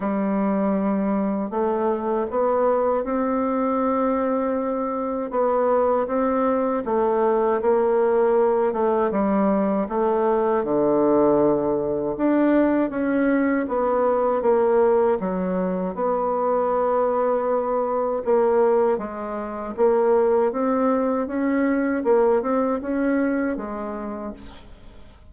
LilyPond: \new Staff \with { instrumentName = "bassoon" } { \time 4/4 \tempo 4 = 79 g2 a4 b4 | c'2. b4 | c'4 a4 ais4. a8 | g4 a4 d2 |
d'4 cis'4 b4 ais4 | fis4 b2. | ais4 gis4 ais4 c'4 | cis'4 ais8 c'8 cis'4 gis4 | }